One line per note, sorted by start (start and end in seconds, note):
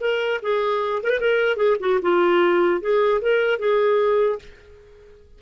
0.00 0.40 A#4
0.42 1.02 G#4
1.03 1.09 A#4
1.09 1.19 B4
1.20 1.56 A#4
1.56 1.76 G#4
1.80 2.00 F#4
2.01 2.81 F4
2.81 3.21 G#4
3.21 3.59 A#4
3.59 4.39 G#4